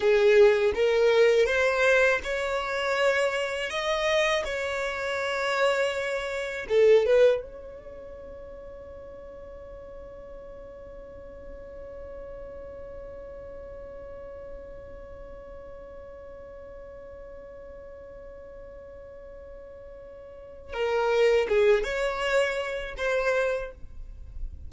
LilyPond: \new Staff \with { instrumentName = "violin" } { \time 4/4 \tempo 4 = 81 gis'4 ais'4 c''4 cis''4~ | cis''4 dis''4 cis''2~ | cis''4 a'8 b'8 cis''2~ | cis''1~ |
cis''1~ | cis''1~ | cis''1 | ais'4 gis'8 cis''4. c''4 | }